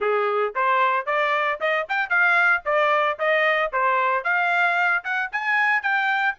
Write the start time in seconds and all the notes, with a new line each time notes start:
0.00 G#4
0.55 C5
1.06 D5
1.60 D#5
1.88 G5
2.09 F5
2.65 D5
3.19 D#5
3.72 C5
4.24 F5
5.03 F#5
5.32 G#5
5.82 G5